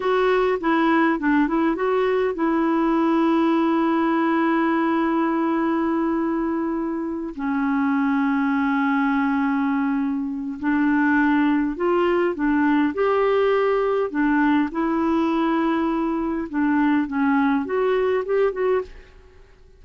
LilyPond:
\new Staff \with { instrumentName = "clarinet" } { \time 4/4 \tempo 4 = 102 fis'4 e'4 d'8 e'8 fis'4 | e'1~ | e'1~ | e'8 cis'2.~ cis'8~ |
cis'2 d'2 | f'4 d'4 g'2 | d'4 e'2. | d'4 cis'4 fis'4 g'8 fis'8 | }